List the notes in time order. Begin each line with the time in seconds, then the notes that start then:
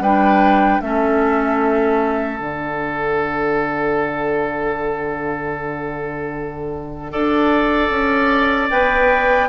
0.00 G3 D4 B4 G5
0.81 A3 C#4 A4 E5
2.39 D3 D4 F#5
7.11 D4 A4 D5
7.90 C#4
8.69 B3 B4 G5